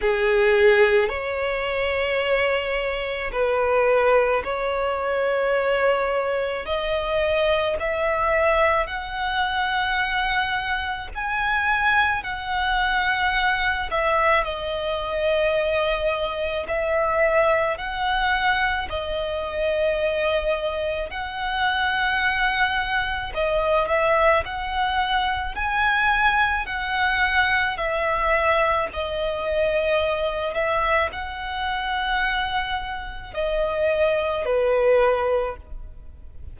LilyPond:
\new Staff \with { instrumentName = "violin" } { \time 4/4 \tempo 4 = 54 gis'4 cis''2 b'4 | cis''2 dis''4 e''4 | fis''2 gis''4 fis''4~ | fis''8 e''8 dis''2 e''4 |
fis''4 dis''2 fis''4~ | fis''4 dis''8 e''8 fis''4 gis''4 | fis''4 e''4 dis''4. e''8 | fis''2 dis''4 b'4 | }